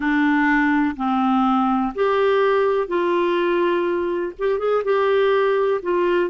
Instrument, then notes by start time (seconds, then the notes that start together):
clarinet
0.00 D4
0.96 C4
1.94 G4
2.87 F4
4.38 G4
4.58 G#4
4.83 G4
5.82 F4